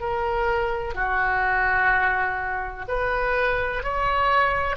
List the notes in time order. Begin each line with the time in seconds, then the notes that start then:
0.00 A#4
0.94 F#4
2.87 B4
3.83 C#5